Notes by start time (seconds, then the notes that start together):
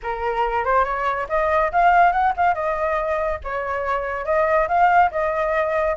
0.02 A#4
0.64 C5
0.84 C#5
1.29 D#5
1.72 F5
2.12 F#5
2.37 F5
2.54 D#5
3.44 C#5
4.25 D#5
4.68 F5
5.11 D#5